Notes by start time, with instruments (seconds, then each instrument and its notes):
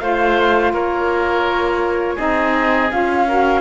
0.00 cello A3, saxophone F4, oboe C5, flute F5
0.73 cello A#3, oboe A#4, flute C#5
2.15 cello C4, saxophone D#4, oboe G#4, flute D#5
2.91 cello C#4, saxophone F4, flute F5
3.28 saxophone F#4, oboe A#4